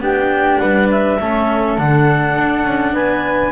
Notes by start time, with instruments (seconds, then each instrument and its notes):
0.00 double bass B3, cello D4, flute G4, clarinet G5
0.58 double bass G3, flute B4, clarinet F#5
0.91 clarinet E5
1.21 double bass A3, cello C#4, flute A4
1.78 double bass D3, cello D4, clarinet F#5
2.37 double bass D4
2.65 double bass C#4
2.94 double bass B3, flute B4, clarinet G#5